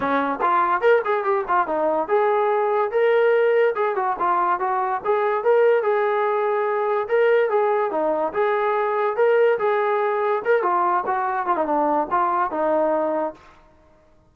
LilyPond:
\new Staff \with { instrumentName = "trombone" } { \time 4/4 \tempo 4 = 144 cis'4 f'4 ais'8 gis'8 g'8 f'8 | dis'4 gis'2 ais'4~ | ais'4 gis'8 fis'8 f'4 fis'4 | gis'4 ais'4 gis'2~ |
gis'4 ais'4 gis'4 dis'4 | gis'2 ais'4 gis'4~ | gis'4 ais'8 f'4 fis'4 f'16 dis'16 | d'4 f'4 dis'2 | }